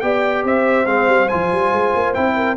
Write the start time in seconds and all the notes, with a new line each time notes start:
0.00 B3 G4 D5 G5
0.43 C4 C5 E5
0.86 G#3 C4 F5
1.07 G3
1.28 F3 F4 G#5
1.52 G3
1.71 G#3
1.95 A#3
2.14 C4 E4 G5
2.36 A#4